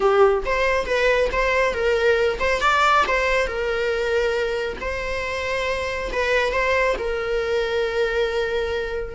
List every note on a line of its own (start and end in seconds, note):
0.00 0.43 G4
0.45 0.86 C5
0.86 1.29 B4
1.32 1.73 C5
1.73 2.39 A#4
2.39 2.61 C5
2.61 3.04 D5
3.07 3.47 C5
3.47 4.77 A#4
4.80 6.11 C5
6.12 6.52 B4
6.52 6.95 C5
6.98 9.14 A#4